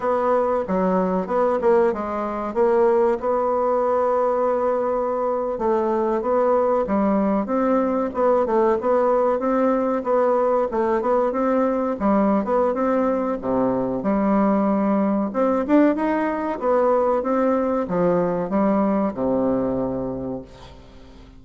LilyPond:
\new Staff \with { instrumentName = "bassoon" } { \time 4/4 \tempo 4 = 94 b4 fis4 b8 ais8 gis4 | ais4 b2.~ | b8. a4 b4 g4 c'16~ | c'8. b8 a8 b4 c'4 b16~ |
b8. a8 b8 c'4 g8. b8 | c'4 c4 g2 | c'8 d'8 dis'4 b4 c'4 | f4 g4 c2 | }